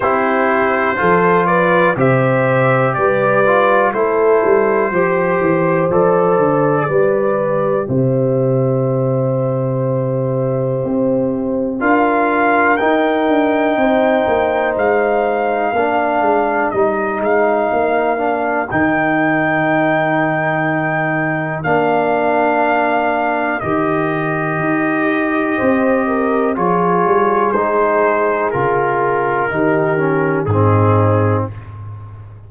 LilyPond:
<<
  \new Staff \with { instrumentName = "trumpet" } { \time 4/4 \tempo 4 = 61 c''4. d''8 e''4 d''4 | c''2 d''2 | e''1 | f''4 g''2 f''4~ |
f''4 dis''8 f''4. g''4~ | g''2 f''2 | dis''2. cis''4 | c''4 ais'2 gis'4 | }
  \new Staff \with { instrumentName = "horn" } { \time 4/4 g'4 a'8 b'8 c''4 b'4 | a'4 c''2 b'4 | c''1 | ais'2 c''2 |
ais'1~ | ais'1~ | ais'2 c''8 ais'8 gis'4~ | gis'2 g'4 dis'4 | }
  \new Staff \with { instrumentName = "trombone" } { \time 4/4 e'4 f'4 g'4. f'8 | e'4 g'4 a'4 g'4~ | g'1 | f'4 dis'2. |
d'4 dis'4. d'8 dis'4~ | dis'2 d'2 | g'2. f'4 | dis'4 f'4 dis'8 cis'8 c'4 | }
  \new Staff \with { instrumentName = "tuba" } { \time 4/4 c'4 f4 c4 g4 | a8 g8 f8 e8 f8 d8 g4 | c2. c'4 | d'4 dis'8 d'8 c'8 ais8 gis4 |
ais8 gis8 g8 gis8 ais4 dis4~ | dis2 ais2 | dis4 dis'4 c'4 f8 g8 | gis4 cis4 dis4 gis,4 | }
>>